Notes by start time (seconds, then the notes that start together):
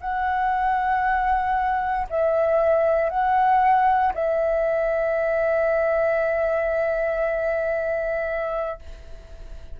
0.00 F#5
2.09 E5
3.09 F#5
4.13 E5